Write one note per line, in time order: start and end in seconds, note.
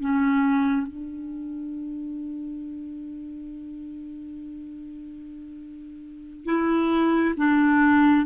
0.00 0.87 C#4
0.87 6.45 D4
6.45 7.34 E4
7.37 8.26 D4